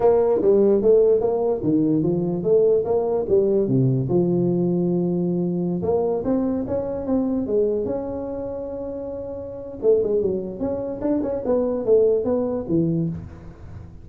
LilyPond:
\new Staff \with { instrumentName = "tuba" } { \time 4/4 \tempo 4 = 147 ais4 g4 a4 ais4 | dis4 f4 a4 ais4 | g4 c4 f2~ | f2~ f16 ais4 c'8.~ |
c'16 cis'4 c'4 gis4 cis'8.~ | cis'1 | a8 gis8 fis4 cis'4 d'8 cis'8 | b4 a4 b4 e4 | }